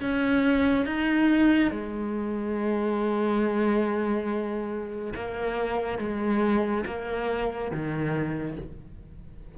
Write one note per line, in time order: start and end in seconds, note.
0.00 0.86 C#4
0.86 1.71 D#4
1.71 5.14 G#3
5.15 5.98 A#3
5.98 6.84 G#3
6.86 7.71 A#3
7.71 8.57 D#3